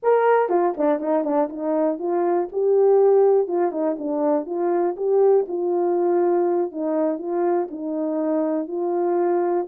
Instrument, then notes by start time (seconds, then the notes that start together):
horn
0.02 A#4
0.49 F4
0.77 D4
0.99 D#4
1.24 D4
1.49 D#4
1.98 F4
2.52 G4
3.47 F4
3.71 D#4
3.98 D4
4.46 F4
4.96 G4
5.47 F4
6.71 D#4
7.18 F4
7.70 D#4
8.67 F4